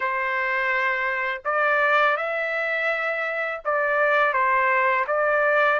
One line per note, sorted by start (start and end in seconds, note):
0.00 1.42 C5
1.44 2.17 D5
2.17 3.61 E5
3.64 4.33 D5
4.33 5.05 C5
5.07 5.79 D5